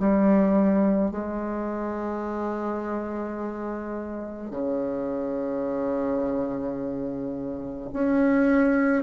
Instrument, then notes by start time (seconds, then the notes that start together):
bassoon
0.00 G3
1.12 G#3
4.51 C#3
7.93 C#4